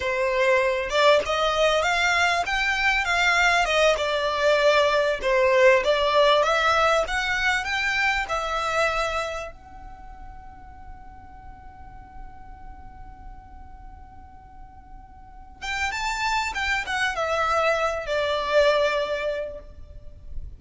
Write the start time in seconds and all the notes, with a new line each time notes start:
0.00 C5
0.89 D5
1.25 D#5
1.82 F5
2.46 G5
3.04 F5
3.65 D#5
3.97 D5
5.22 C5
5.83 D5
6.42 E5
7.07 F#5
7.64 G5
8.28 E5
9.51 F#5
15.61 G5
15.91 A5
16.54 G5
16.86 F#5
17.15 E5
18.06 D5